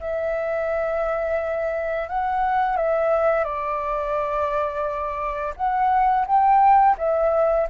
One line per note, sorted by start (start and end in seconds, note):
0.00 2.09 E5
2.09 2.77 F#5
2.77 3.45 E5
3.45 5.54 D5
5.57 6.26 F#5
6.27 6.97 G5
6.98 7.68 E5